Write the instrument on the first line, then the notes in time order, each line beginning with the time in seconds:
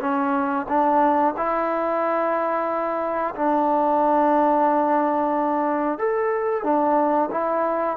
trombone
0.00 C#4
0.68 D4
1.37 E4
3.35 D4
5.98 A4
6.63 D4
7.31 E4